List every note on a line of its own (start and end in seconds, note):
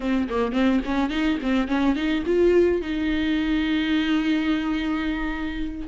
0.00 0.28 C4
0.29 0.52 A#3
0.52 0.80 C4
0.85 1.09 C#4
1.09 1.37 D#4
1.42 1.67 C4
1.67 1.95 C#4
1.95 2.23 D#4
2.26 2.81 F4
2.81 5.88 D#4